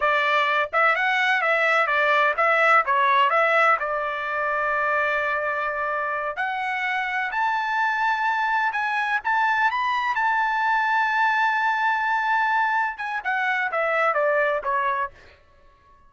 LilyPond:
\new Staff \with { instrumentName = "trumpet" } { \time 4/4 \tempo 4 = 127 d''4. e''8 fis''4 e''4 | d''4 e''4 cis''4 e''4 | d''1~ | d''4. fis''2 a''8~ |
a''2~ a''8 gis''4 a''8~ | a''8 b''4 a''2~ a''8~ | a''2.~ a''8 gis''8 | fis''4 e''4 d''4 cis''4 | }